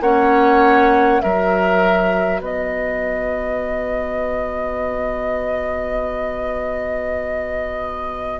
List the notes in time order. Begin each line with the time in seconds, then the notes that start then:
0.00 A#3 C#4 C#5 F#5
1.21 F#3 F#4 A#4 E5
2.40 B3 B4 D#5